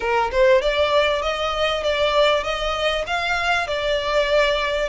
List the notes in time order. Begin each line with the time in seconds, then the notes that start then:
0.00 A#4
0.31 C5
0.61 D5
1.21 D#5
1.83 D5
2.43 D#5
3.06 F5
3.67 D5